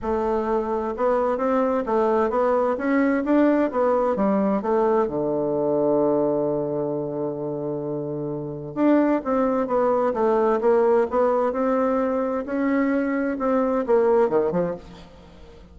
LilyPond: \new Staff \with { instrumentName = "bassoon" } { \time 4/4 \tempo 4 = 130 a2 b4 c'4 | a4 b4 cis'4 d'4 | b4 g4 a4 d4~ | d1~ |
d2. d'4 | c'4 b4 a4 ais4 | b4 c'2 cis'4~ | cis'4 c'4 ais4 dis8 f8 | }